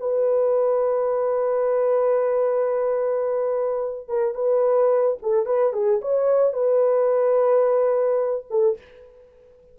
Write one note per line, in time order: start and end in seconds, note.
0.00 4.08 B4
4.08 4.35 A#4
4.35 5.18 B4
5.22 5.46 A4
5.46 5.73 B4
5.73 6.01 G#4
6.02 6.53 C#5
6.53 8.46 B4
8.51 8.78 A4